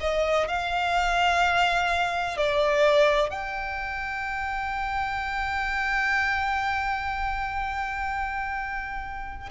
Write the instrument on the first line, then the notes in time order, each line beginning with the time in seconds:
violin
0.00 D#5
0.47 F5
2.37 D5
3.30 G5